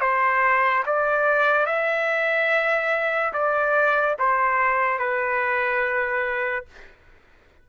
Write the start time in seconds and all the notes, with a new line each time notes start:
0.00 C5
0.86 D5
1.66 E5
3.33 D5
4.19 C5
4.98 B4